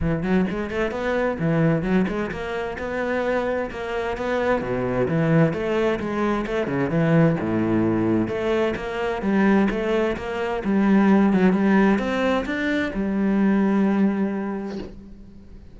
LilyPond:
\new Staff \with { instrumentName = "cello" } { \time 4/4 \tempo 4 = 130 e8 fis8 gis8 a8 b4 e4 | fis8 gis8 ais4 b2 | ais4 b4 b,4 e4 | a4 gis4 a8 cis8 e4 |
a,2 a4 ais4 | g4 a4 ais4 g4~ | g8 fis8 g4 c'4 d'4 | g1 | }